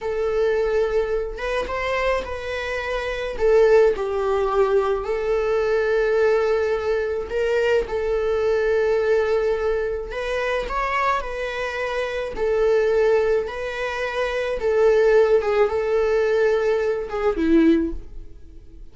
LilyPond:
\new Staff \with { instrumentName = "viola" } { \time 4/4 \tempo 4 = 107 a'2~ a'8 b'8 c''4 | b'2 a'4 g'4~ | g'4 a'2.~ | a'4 ais'4 a'2~ |
a'2 b'4 cis''4 | b'2 a'2 | b'2 a'4. gis'8 | a'2~ a'8 gis'8 e'4 | }